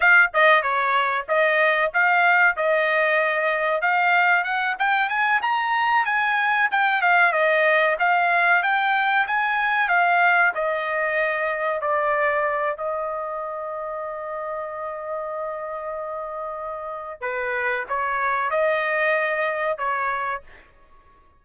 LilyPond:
\new Staff \with { instrumentName = "trumpet" } { \time 4/4 \tempo 4 = 94 f''8 dis''8 cis''4 dis''4 f''4 | dis''2 f''4 fis''8 g''8 | gis''8 ais''4 gis''4 g''8 f''8 dis''8~ | dis''8 f''4 g''4 gis''4 f''8~ |
f''8 dis''2 d''4. | dis''1~ | dis''2. b'4 | cis''4 dis''2 cis''4 | }